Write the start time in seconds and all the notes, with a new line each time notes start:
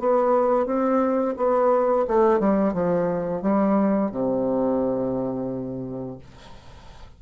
0.00 B3
0.66 C4
1.37 B3
2.08 A3
2.40 G3
2.74 F3
3.43 G3
4.12 C3